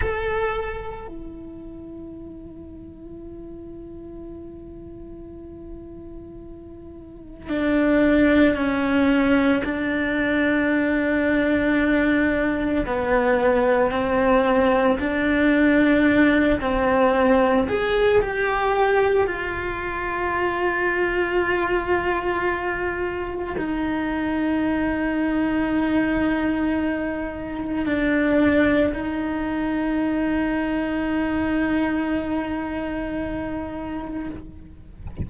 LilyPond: \new Staff \with { instrumentName = "cello" } { \time 4/4 \tempo 4 = 56 a'4 e'2.~ | e'2. d'4 | cis'4 d'2. | b4 c'4 d'4. c'8~ |
c'8 gis'8 g'4 f'2~ | f'2 dis'2~ | dis'2 d'4 dis'4~ | dis'1 | }